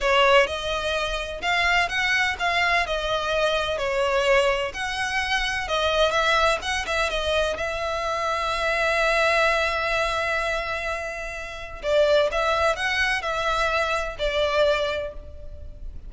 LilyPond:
\new Staff \with { instrumentName = "violin" } { \time 4/4 \tempo 4 = 127 cis''4 dis''2 f''4 | fis''4 f''4 dis''2 | cis''2 fis''2 | dis''4 e''4 fis''8 e''8 dis''4 |
e''1~ | e''1~ | e''4 d''4 e''4 fis''4 | e''2 d''2 | }